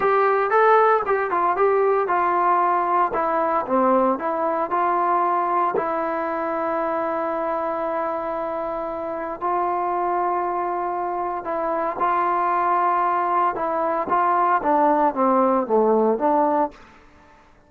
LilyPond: \new Staff \with { instrumentName = "trombone" } { \time 4/4 \tempo 4 = 115 g'4 a'4 g'8 f'8 g'4 | f'2 e'4 c'4 | e'4 f'2 e'4~ | e'1~ |
e'2 f'2~ | f'2 e'4 f'4~ | f'2 e'4 f'4 | d'4 c'4 a4 d'4 | }